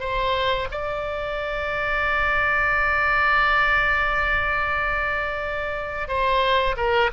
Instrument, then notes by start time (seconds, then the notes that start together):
oboe
0.00 C5
0.71 D5
6.08 C5
6.77 A#4